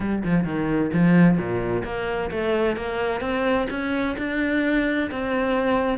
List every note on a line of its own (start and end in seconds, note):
0.00 0.22 G3
0.24 0.44 F3
0.44 0.90 D#3
0.93 1.37 F3
1.37 1.83 A#2
1.84 2.30 A#3
2.31 2.76 A3
2.76 3.21 A#3
3.21 3.67 C4
3.69 4.16 C#4
4.17 5.10 D4
5.11 5.98 C4